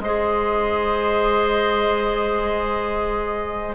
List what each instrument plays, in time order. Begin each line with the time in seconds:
0.00 bassoon G#3, clarinet G#4, oboe C5, flute D#5